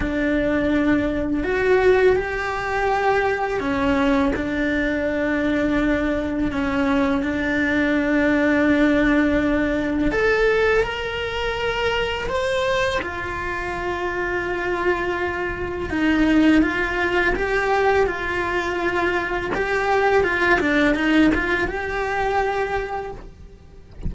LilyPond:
\new Staff \with { instrumentName = "cello" } { \time 4/4 \tempo 4 = 83 d'2 fis'4 g'4~ | g'4 cis'4 d'2~ | d'4 cis'4 d'2~ | d'2 a'4 ais'4~ |
ais'4 c''4 f'2~ | f'2 dis'4 f'4 | g'4 f'2 g'4 | f'8 d'8 dis'8 f'8 g'2 | }